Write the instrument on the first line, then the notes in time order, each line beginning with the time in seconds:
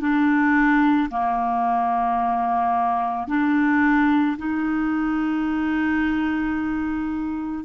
clarinet
0.00 D4
1.11 A#3
3.28 D4
4.37 D#4